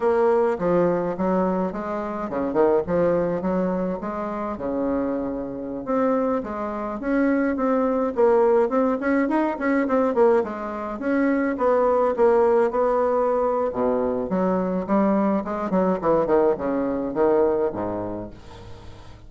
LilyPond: \new Staff \with { instrumentName = "bassoon" } { \time 4/4 \tempo 4 = 105 ais4 f4 fis4 gis4 | cis8 dis8 f4 fis4 gis4 | cis2~ cis16 c'4 gis8.~ | gis16 cis'4 c'4 ais4 c'8 cis'16~ |
cis'16 dis'8 cis'8 c'8 ais8 gis4 cis'8.~ | cis'16 b4 ais4 b4.~ b16 | b,4 fis4 g4 gis8 fis8 | e8 dis8 cis4 dis4 gis,4 | }